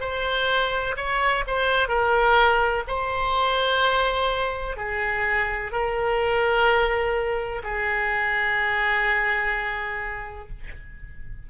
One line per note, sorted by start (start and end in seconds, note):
0.00 0.95 C5
0.97 1.44 C#5
1.47 1.88 C5
1.88 2.84 A#4
2.87 4.77 C5
4.77 5.72 G#4
5.72 7.62 A#4
7.63 10.49 G#4